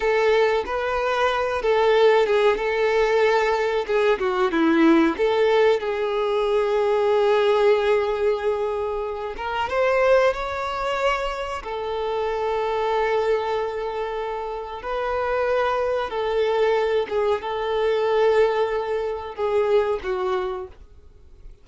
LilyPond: \new Staff \with { instrumentName = "violin" } { \time 4/4 \tempo 4 = 93 a'4 b'4. a'4 gis'8 | a'2 gis'8 fis'8 e'4 | a'4 gis'2.~ | gis'2~ gis'8 ais'8 c''4 |
cis''2 a'2~ | a'2. b'4~ | b'4 a'4. gis'8 a'4~ | a'2 gis'4 fis'4 | }